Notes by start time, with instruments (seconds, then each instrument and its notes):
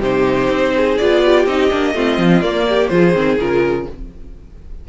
0.00 cello C3, viola D#4, violin G4 C5
0.50 cello C4
0.76 violin G#4
0.98 cello B3, viola F4, violin D5
1.25 violin G4
1.46 cello C4, viola D#4, violin D#5
1.71 cello A#3, viola D4
1.94 cello A3, viola C4, violin F4
2.19 cello F3
2.42 cello A#3, viola A#3, violin D5
2.69 violin G4
2.88 cello F3, viola F4, violin G#4 C5
3.15 cello D#3, viola C4
3.39 cello C#3, viola F4, violin A#4